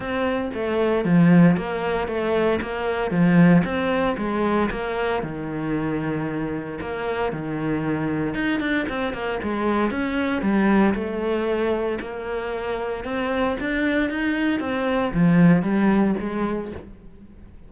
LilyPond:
\new Staff \with { instrumentName = "cello" } { \time 4/4 \tempo 4 = 115 c'4 a4 f4 ais4 | a4 ais4 f4 c'4 | gis4 ais4 dis2~ | dis4 ais4 dis2 |
dis'8 d'8 c'8 ais8 gis4 cis'4 | g4 a2 ais4~ | ais4 c'4 d'4 dis'4 | c'4 f4 g4 gis4 | }